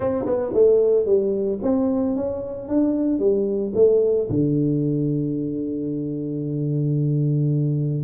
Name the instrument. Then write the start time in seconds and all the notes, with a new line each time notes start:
tuba
0.00 C4
0.25 B3
0.53 A3
1.05 G3
1.62 C4
2.16 C#4
2.68 D4
3.19 G3
3.75 A3
4.29 D3